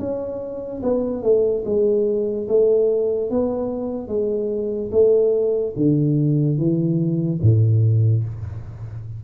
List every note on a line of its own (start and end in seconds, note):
0.00 0.82 C#4
0.83 1.23 B3
1.23 1.64 A3
1.66 2.48 G#3
2.49 3.31 A3
3.31 4.08 B3
4.08 4.91 G#3
4.92 5.74 A3
5.76 6.58 D3
6.58 7.40 E3
7.42 8.24 A2